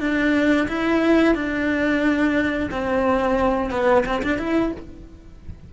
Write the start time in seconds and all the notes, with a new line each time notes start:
0.00 D4
0.68 E4
1.35 D4
2.71 C4
3.71 B3
4.06 C4
4.23 D4
4.39 E4